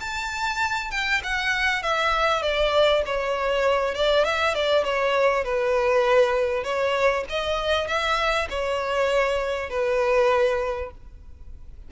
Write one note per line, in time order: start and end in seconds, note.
0.00 0.91 A5
0.91 1.21 G5
1.23 1.82 F#5
1.82 2.42 E5
2.42 3.02 D5
3.06 3.94 C#5
3.94 4.24 D5
4.24 4.54 E5
4.54 4.84 D5
4.84 5.44 C#5
5.44 6.63 B4
6.63 7.24 C#5
7.29 7.87 D#5
7.87 8.48 E5
8.49 9.69 C#5
9.69 10.91 B4